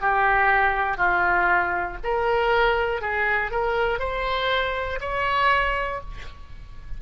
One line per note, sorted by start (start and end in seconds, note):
0.00 0.97 G4
0.97 1.97 F4
2.03 3.00 A#4
3.00 3.50 G#4
3.50 3.99 A#4
3.99 4.99 C5
5.00 6.00 C#5